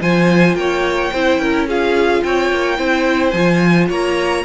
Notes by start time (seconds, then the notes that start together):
0.00 F3 F4 C5 G#5
0.55 A#3 C#5 G5
1.13 C4 E4 C5
1.38 C#4 A#4
1.68 F4 G#4 F5
2.23 C4 C#5 G5
2.51 A#3
2.78 C4 E4 C5
3.31 F3 F4 G#5
3.88 A#3 C#5 A#5